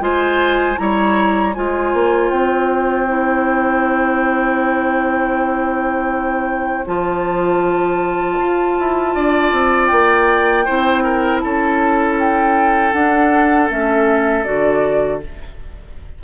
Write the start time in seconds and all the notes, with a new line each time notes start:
0.00 G#3 F4 C5 G#5
0.77 G3 E4 C#5 A#5
1.54 G#3 F4 C5 G#5
1.93 A#3
2.30 C4 G5
3.07 E4
6.86 F3 F4 A5
8.39 F4
8.79 E4
9.15 D4 D5
9.52 C4
9.87 A#3 G5
10.65 C4 E4 C5
11.03 A#4
11.40 C#4 A4 A5
12.19 G5
12.93 D4 F#5
13.69 A3 C#4 E5
14.44 D3 F#4 D5